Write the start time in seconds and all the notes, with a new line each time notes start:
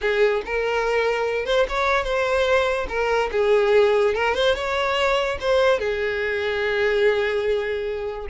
0.01 G#4
0.45 A#4
1.45 C5
1.69 C#5
2.04 C5
2.88 A#4
3.31 G#4
4.14 A#4
4.34 C5
4.55 C#5
5.40 C5
5.79 G#4